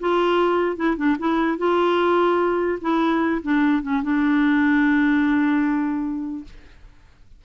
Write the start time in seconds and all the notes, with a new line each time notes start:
0.00 F4
0.76 E4
0.97 D4
1.19 E4
1.58 F4
2.81 E4
3.42 D4
3.82 C#4
4.03 D4